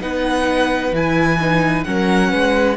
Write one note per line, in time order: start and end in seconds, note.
0.00 0.92 B3
0.00 0.92 D#4
0.00 1.87 B4
0.00 0.95 F#5
0.92 1.85 E3
0.92 1.40 E4
0.92 1.84 G#5
1.41 1.85 D#4
1.84 2.33 F#3
1.84 2.77 C#4
1.84 2.31 A#4
1.84 2.76 F#5
2.31 2.77 G#3
2.31 2.77 B4